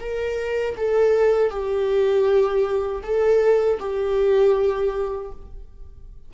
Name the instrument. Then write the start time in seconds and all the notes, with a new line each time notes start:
viola
0.00 A#4
0.77 A4
1.50 G4
3.03 A4
3.79 G4